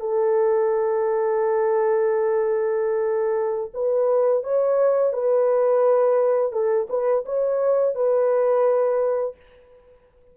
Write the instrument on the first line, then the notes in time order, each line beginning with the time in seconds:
horn
0.00 A4
3.73 B4
4.43 C#5
5.12 B4
6.52 A4
6.89 B4
7.25 C#5
7.95 B4